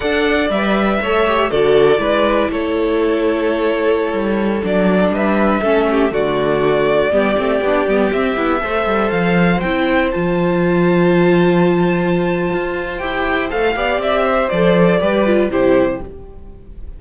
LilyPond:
<<
  \new Staff \with { instrumentName = "violin" } { \time 4/4 \tempo 4 = 120 fis''4 e''2 d''4~ | d''4 cis''2.~ | cis''4~ cis''16 d''4 e''4.~ e''16~ | e''16 d''2.~ d''8.~ |
d''16 e''2 f''4 g''8.~ | g''16 a''2.~ a''8.~ | a''2 g''4 f''4 | e''4 d''2 c''4 | }
  \new Staff \with { instrumentName = "violin" } { \time 4/4 d''2 cis''4 a'4 | b'4 a'2.~ | a'2~ a'16 b'4 a'8 g'16~ | g'16 fis'2 g'4.~ g'16~ |
g'4~ g'16 c''2~ c''8.~ | c''1~ | c''2.~ c''8 d''8~ | d''8 c''4. b'4 g'4 | }
  \new Staff \with { instrumentName = "viola" } { \time 4/4 a'4 b'4 a'8 g'8 fis'4 | e'1~ | e'4~ e'16 d'2 cis'8.~ | cis'16 a2 b8 c'8 d'8 b16~ |
b16 c'8 e'8 a'2 e'8.~ | e'16 f'2.~ f'8.~ | f'2 g'4 a'8 g'8~ | g'4 a'4 g'8 f'8 e'4 | }
  \new Staff \with { instrumentName = "cello" } { \time 4/4 d'4 g4 a4 d4 | gis4 a2.~ | a16 g4 fis4 g4 a8.~ | a16 d2 g8 a8 b8 g16~ |
g16 c'8 b8 a8 g8 f4 c'8.~ | c'16 f2.~ f8.~ | f4 f'4 e'4 a8 b8 | c'4 f4 g4 c4 | }
>>